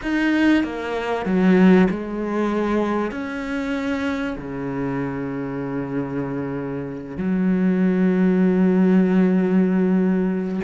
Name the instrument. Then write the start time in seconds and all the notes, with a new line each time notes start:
cello
0.02 D#4
0.63 A#3
1.25 F#3
1.89 G#3
3.11 C#4
4.38 C#3
7.17 F#3